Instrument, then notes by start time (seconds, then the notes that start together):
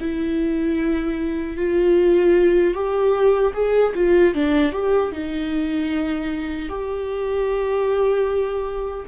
viola
0.00 E4
1.57 F4
2.74 G4
3.53 G#4
3.95 F4
4.34 D4
4.72 G4
5.12 D#4
6.69 G4